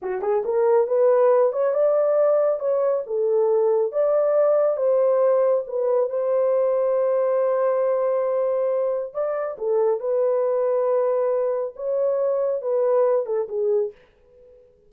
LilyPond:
\new Staff \with { instrumentName = "horn" } { \time 4/4 \tempo 4 = 138 fis'8 gis'8 ais'4 b'4. cis''8 | d''2 cis''4 a'4~ | a'4 d''2 c''4~ | c''4 b'4 c''2~ |
c''1~ | c''4 d''4 a'4 b'4~ | b'2. cis''4~ | cis''4 b'4. a'8 gis'4 | }